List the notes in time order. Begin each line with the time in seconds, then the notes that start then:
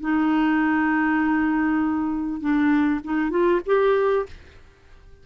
0.00 D#4
2.40 D4
3.04 D#4
3.30 F4
3.66 G4